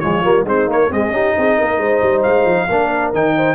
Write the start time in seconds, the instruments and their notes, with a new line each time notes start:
0.00 tuba F3, trombone G#3, horn F4, trumpet C#5
0.24 tuba G3, trombone A#3
0.45 tuba G#3, trombone C4, horn D#4, trumpet C5
0.67 tuba A#3, trombone A#3, trumpet C#5
0.90 trombone G#3, tuba C4, horn G#4, trumpet D#5
1.11 tuba C#4, trombone D#4, horn G4
1.38 tuba C4, horn G#4
1.58 tuba A#3, horn A#4
1.78 tuba G#3, horn C5
2.02 tuba G3
2.23 tuba G#3, trumpet F5
2.45 tuba F3
2.68 tuba A#3, trombone D4, horn A#4
3.13 tuba D#3, trombone D#4, trumpet G5
3.36 horn C5